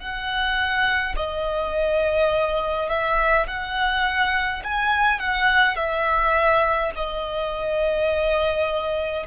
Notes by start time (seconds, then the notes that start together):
0.00 F#5
1.16 D#5
2.89 E5
3.47 F#5
4.64 G#5
5.19 F#5
5.76 E5
6.95 D#5